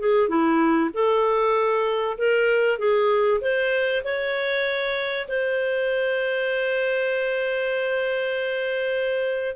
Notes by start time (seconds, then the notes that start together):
0.00 G#4
0.29 E4
0.94 A4
2.18 A#4
2.79 G#4
3.41 C5
4.04 C#5
5.28 C5